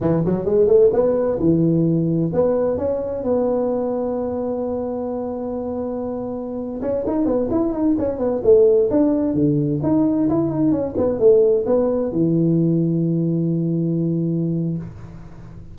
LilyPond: \new Staff \with { instrumentName = "tuba" } { \time 4/4 \tempo 4 = 130 e8 fis8 gis8 a8 b4 e4~ | e4 b4 cis'4 b4~ | b1~ | b2~ b8. cis'8 dis'8 b16~ |
b16 e'8 dis'8 cis'8 b8 a4 d'8.~ | d'16 d4 dis'4 e'8 dis'8 cis'8 b16~ | b16 a4 b4 e4.~ e16~ | e1 | }